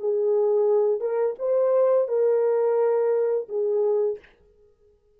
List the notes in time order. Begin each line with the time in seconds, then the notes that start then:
0.00 G#4
1.01 A#4
1.39 C5
2.08 A#4
3.49 G#4